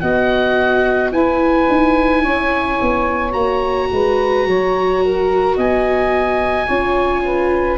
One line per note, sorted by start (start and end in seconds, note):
0.00 1.12 B3
0.00 1.13 F#4
0.00 1.12 D#5
0.00 1.11 F#5
1.12 1.67 E4
1.12 3.31 E4
1.12 2.22 B4
1.12 3.33 G#5
1.69 2.23 D#4
2.22 2.79 C#4
2.22 3.89 C#5
2.81 3.34 B3
3.31 3.90 A#3
3.31 6.65 F#4
3.31 5.55 A#5
3.92 4.47 G#3
3.92 4.48 B4
4.47 5.57 F#3
4.47 5.03 C#5
5.03 5.56 A#4
5.56 6.68 B3
5.56 6.66 D#5
5.56 7.78 G#5
6.66 7.78 C#4
6.66 7.78 F4
6.66 7.22 C#5
7.25 7.78 B4